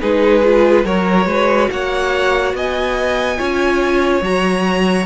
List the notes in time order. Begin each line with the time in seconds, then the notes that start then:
0.00 G#3 D#4 G#4 B4
0.44 F4
0.85 F#3 F#4 A#4 C#5
1.26 G#3 B4
1.70 A#3 C#5 F#5
2.53 B3 D#5 G#5
3.37 C#4 F4 C#5
4.21 F#3 F#4 A#5